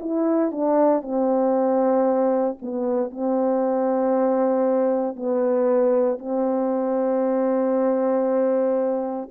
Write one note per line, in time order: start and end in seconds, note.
0.00 0.52 E4
0.52 1.02 D4
1.02 2.57 C4
2.61 3.10 B3
3.10 5.16 C4
5.16 6.18 B3
6.18 9.29 C4